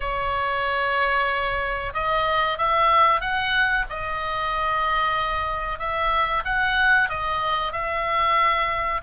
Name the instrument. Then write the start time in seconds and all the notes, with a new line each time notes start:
oboe
0.00 C#5
1.93 D#5
2.57 E5
3.21 F#5
3.89 D#5
5.78 E5
6.45 F#5
7.09 D#5
7.72 E5